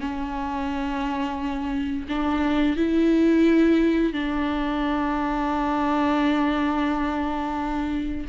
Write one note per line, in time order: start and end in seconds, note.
0.00 2.07 C#4
2.08 2.76 D4
2.76 4.13 E4
4.13 8.27 D4